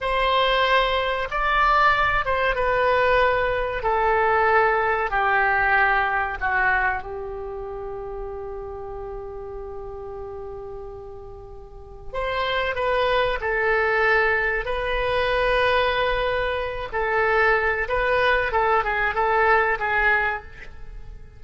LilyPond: \new Staff \with { instrumentName = "oboe" } { \time 4/4 \tempo 4 = 94 c''2 d''4. c''8 | b'2 a'2 | g'2 fis'4 g'4~ | g'1~ |
g'2. c''4 | b'4 a'2 b'4~ | b'2~ b'8 a'4. | b'4 a'8 gis'8 a'4 gis'4 | }